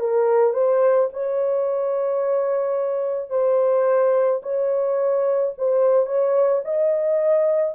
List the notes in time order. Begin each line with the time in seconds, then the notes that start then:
0.00 A#4
0.54 C5
1.13 C#5
3.30 C5
4.42 C#5
5.58 C5
6.06 C#5
6.65 D#5